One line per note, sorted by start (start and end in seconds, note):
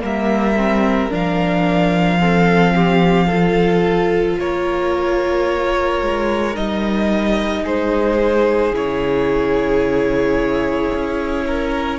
0.00 1.11 G3
0.00 0.55 A#3
0.00 2.19 A#4
0.00 1.12 E5
0.56 1.09 C4
1.09 4.38 F3
1.09 2.18 D4
1.09 4.40 F5
2.19 3.28 C4
2.19 2.74 A4
2.75 3.27 G4
3.27 6.54 F4
3.27 4.36 A4
4.39 6.01 A#3
4.39 7.62 A#4
4.39 6.56 C#5
6.01 6.56 G#3
6.54 7.64 G3
6.54 8.72 D#4
6.54 7.65 D#5
7.62 8.72 G#3
7.62 11.44 G#4
7.62 8.75 C5
8.72 10.90 C#3
8.72 11.99 E4
8.72 11.99 C#5
10.94 11.99 C#4
11.47 11.99 A#4